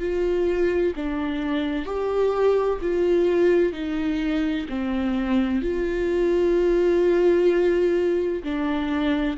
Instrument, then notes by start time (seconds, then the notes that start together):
viola
0.00 F4
0.96 D4
1.85 G4
2.82 F4
3.73 D#4
4.69 C4
5.62 F4
8.44 D4